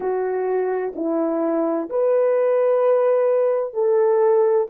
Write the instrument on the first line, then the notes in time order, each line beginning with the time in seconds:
horn
0.00 F#4
0.95 E4
1.89 B4
3.73 A4